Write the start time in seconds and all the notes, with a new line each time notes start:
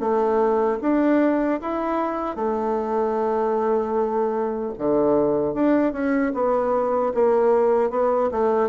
0.00 A3
0.81 D4
1.61 E4
2.36 A3
4.79 D3
5.54 D4
5.93 C#4
6.34 B3
7.14 A#3
7.91 B3
8.32 A3